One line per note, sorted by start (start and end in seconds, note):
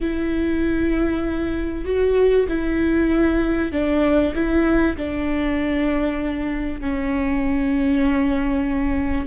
0.01 1.84 E4
1.84 2.46 F#4
2.48 3.71 E4
3.72 4.34 D4
4.34 4.96 E4
4.96 6.80 D4
6.80 9.26 C#4